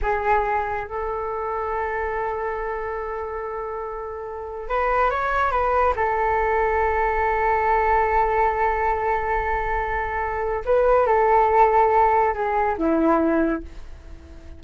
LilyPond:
\new Staff \with { instrumentName = "flute" } { \time 4/4 \tempo 4 = 141 gis'2 a'2~ | a'1~ | a'2. b'4 | cis''4 b'4 a'2~ |
a'1~ | a'1~ | a'4 b'4 a'2~ | a'4 gis'4 e'2 | }